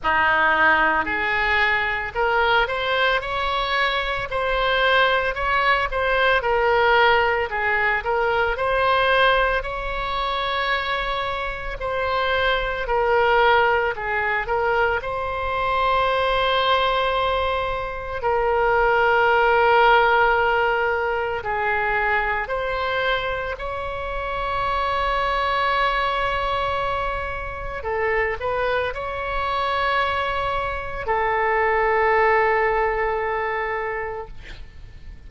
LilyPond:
\new Staff \with { instrumentName = "oboe" } { \time 4/4 \tempo 4 = 56 dis'4 gis'4 ais'8 c''8 cis''4 | c''4 cis''8 c''8 ais'4 gis'8 ais'8 | c''4 cis''2 c''4 | ais'4 gis'8 ais'8 c''2~ |
c''4 ais'2. | gis'4 c''4 cis''2~ | cis''2 a'8 b'8 cis''4~ | cis''4 a'2. | }